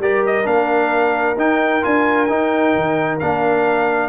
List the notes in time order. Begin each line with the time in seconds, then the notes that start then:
0.00 G3 G4 A#4 D5
0.27 D#5
0.45 A#3 D4 F5
1.37 D#4 G5
1.82 D4 F4 G#5
2.26 D#4 G5
2.76 D#3
3.20 A#3 D4 F5